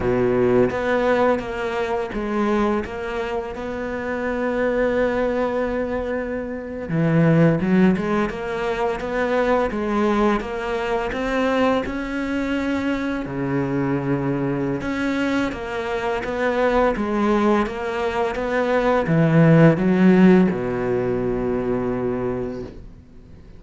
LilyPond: \new Staff \with { instrumentName = "cello" } { \time 4/4 \tempo 4 = 85 b,4 b4 ais4 gis4 | ais4 b2.~ | b4.~ b16 e4 fis8 gis8 ais16~ | ais8. b4 gis4 ais4 c'16~ |
c'8. cis'2 cis4~ cis16~ | cis4 cis'4 ais4 b4 | gis4 ais4 b4 e4 | fis4 b,2. | }